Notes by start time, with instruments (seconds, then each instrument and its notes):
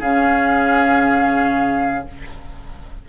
0.00 bassoon C#3, clarinet C#4, oboe G#4, flute F5